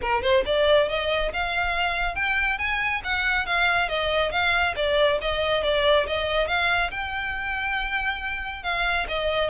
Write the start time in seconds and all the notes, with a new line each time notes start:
0.01 A#4
0.22 C5
0.45 D5
0.88 D#5
1.33 F5
2.15 G5
2.58 G#5
3.04 F#5
3.46 F5
3.88 D#5
4.31 F5
4.76 D5
5.21 D#5
5.63 D5
6.06 D#5
6.47 F5
6.90 G5
8.63 F5
9.08 D#5